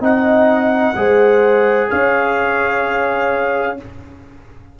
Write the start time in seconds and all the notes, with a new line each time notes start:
0.00 C4 D#4 D#5 F#5
0.95 G#3 G#4 C5
1.90 C#4 C#5 F5